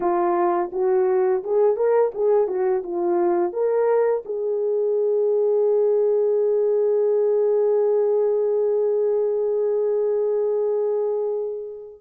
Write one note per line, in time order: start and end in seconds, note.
0.00 0.71 F4
0.72 1.43 F#4
1.43 1.76 G#4
1.76 2.11 A#4
2.14 2.47 G#4
2.47 2.82 F#4
2.83 3.52 F4
3.52 4.23 A#4
4.25 12.01 G#4